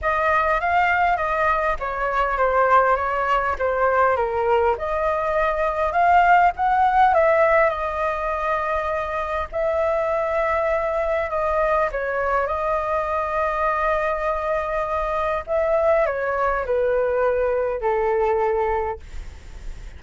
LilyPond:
\new Staff \with { instrumentName = "flute" } { \time 4/4 \tempo 4 = 101 dis''4 f''4 dis''4 cis''4 | c''4 cis''4 c''4 ais'4 | dis''2 f''4 fis''4 | e''4 dis''2. |
e''2. dis''4 | cis''4 dis''2.~ | dis''2 e''4 cis''4 | b'2 a'2 | }